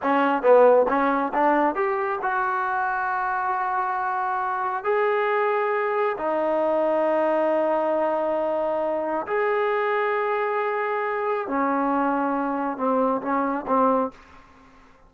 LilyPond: \new Staff \with { instrumentName = "trombone" } { \time 4/4 \tempo 4 = 136 cis'4 b4 cis'4 d'4 | g'4 fis'2.~ | fis'2. gis'4~ | gis'2 dis'2~ |
dis'1~ | dis'4 gis'2.~ | gis'2 cis'2~ | cis'4 c'4 cis'4 c'4 | }